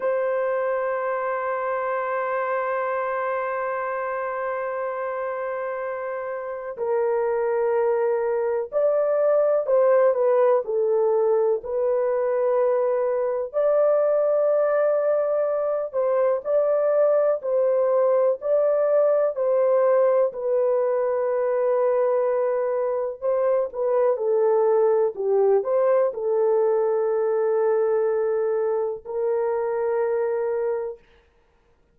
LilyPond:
\new Staff \with { instrumentName = "horn" } { \time 4/4 \tempo 4 = 62 c''1~ | c''2. ais'4~ | ais'4 d''4 c''8 b'8 a'4 | b'2 d''2~ |
d''8 c''8 d''4 c''4 d''4 | c''4 b'2. | c''8 b'8 a'4 g'8 c''8 a'4~ | a'2 ais'2 | }